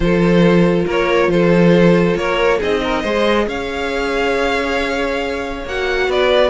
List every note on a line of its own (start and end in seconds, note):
0.00 0.84 F3
0.00 2.60 F4
0.00 0.85 A4
0.00 0.86 C5
0.85 1.27 A#3
0.85 1.29 A#4
0.85 1.30 C#5
1.27 2.14 F3
1.27 2.19 A4
1.27 2.16 C5
2.16 2.59 A#3
2.16 2.59 A#4
2.16 2.60 C#5
2.59 3.04 C4
2.59 3.05 D#4
2.59 2.80 G#4
2.59 3.48 D#5
2.83 3.02 A#4
3.02 3.46 G#3
3.02 5.66 G#4
3.02 3.45 C5
3.46 5.64 C#4
3.46 6.08 C#5
3.46 5.65 F5
5.64 6.08 A#3
5.64 6.50 F#4
5.64 6.11 F#5
6.08 6.50 B3
6.08 6.50 B4
6.08 6.50 D5